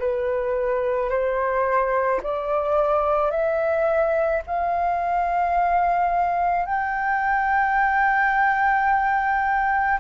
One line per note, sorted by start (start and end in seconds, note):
0.00 1.10 B4
1.10 2.21 C5
2.23 3.31 D5
3.31 4.42 E5
4.47 6.66 F5
6.66 9.99 G5